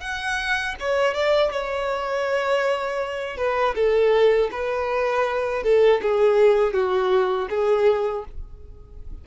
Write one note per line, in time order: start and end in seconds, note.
0.00 0.75 F#5
0.80 1.14 C#5
1.14 1.51 D5
1.51 3.37 C#5
3.37 3.75 B4
3.75 4.50 A4
4.51 5.63 B4
5.63 6.01 A4
6.02 6.73 G#4
6.73 7.48 F#4
7.50 8.25 G#4